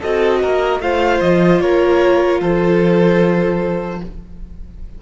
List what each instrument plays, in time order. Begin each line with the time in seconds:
0.00 cello C4, viola F#4, violin A4 D#5
0.42 cello A#3, violin A#4
0.81 cello A3, viola F4, violin C5 F5
1.21 cello F3, violin D#5
1.61 cello A#3, violin A#4 C#5
2.41 cello F3, violin A4 C5